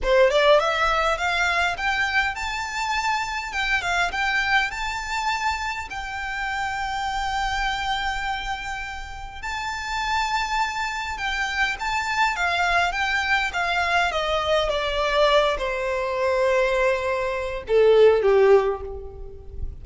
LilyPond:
\new Staff \with { instrumentName = "violin" } { \time 4/4 \tempo 4 = 102 c''8 d''8 e''4 f''4 g''4 | a''2 g''8 f''8 g''4 | a''2 g''2~ | g''1 |
a''2. g''4 | a''4 f''4 g''4 f''4 | dis''4 d''4. c''4.~ | c''2 a'4 g'4 | }